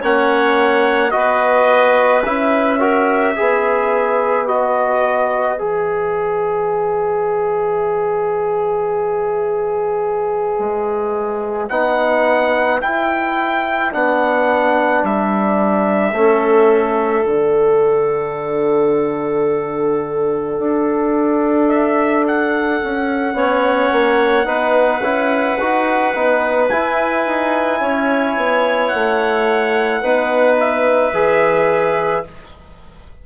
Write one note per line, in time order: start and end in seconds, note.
0.00 1.14 A#3
0.00 1.12 C#4
0.00 1.11 C#5
0.00 1.11 F#5
1.11 2.25 B3
1.11 2.23 F#4
1.11 2.79 B4
1.11 2.22 D#5
2.25 3.36 C#4
2.25 2.79 E4
2.25 4.48 E5
2.79 3.35 F#4
2.79 3.34 A#4
3.34 5.61 B3
3.34 4.47 G#4
3.34 16.12 B4
4.47 5.58 F#4
4.47 5.59 D#5
5.58 10.59 E3
5.58 11.69 G#4
5.58 11.69 E5
10.59 11.69 G#3
11.69 12.80 B3
11.69 12.81 D#4
11.69 12.80 F#5
12.81 13.91 E4
12.81 13.94 E4
12.81 13.93 G5
13.91 15.03 B3
13.91 16.14 D4
13.91 15.05 F#5
15.03 16.12 G3
15.03 17.27 E5
16.12 17.23 A3
16.12 17.25 C#4
16.12 23.36 A4
17.25 20.58 D3
17.25 23.34 D4
17.25 21.68 F#5
20.58 22.81 D4
21.68 22.24 E5
22.28 26.69 F#5
22.83 23.34 C#4
23.34 23.90 B3
23.34 24.45 C#4
23.34 24.46 C#5
23.92 24.46 A#3
24.45 25.00 B3
24.45 25.00 D#4
24.45 27.79 B4
25.00 25.56 C#4
25.00 25.59 E4
25.60 26.15 D#4
25.60 26.14 F#4
26.14 26.70 B3
26.14 26.70 D#4
26.69 27.26 E4
26.69 30.03 E4
26.69 28.88 G#5
27.26 27.81 D#4
27.81 28.36 C#4
27.81 30.01 C#5
28.36 28.92 B3
28.88 30.03 A3
28.88 30.55 F#5
30.01 31.13 B3
30.01 31.14 D#4
30.01 32.24 B4
30.60 32.26 E5
31.13 32.24 E3
31.13 32.25 G#4